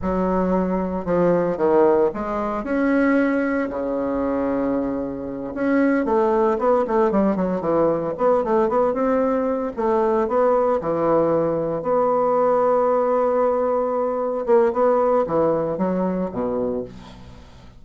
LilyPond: \new Staff \with { instrumentName = "bassoon" } { \time 4/4 \tempo 4 = 114 fis2 f4 dis4 | gis4 cis'2 cis4~ | cis2~ cis8 cis'4 a8~ | a8 b8 a8 g8 fis8 e4 b8 |
a8 b8 c'4. a4 b8~ | b8 e2 b4.~ | b2.~ b8 ais8 | b4 e4 fis4 b,4 | }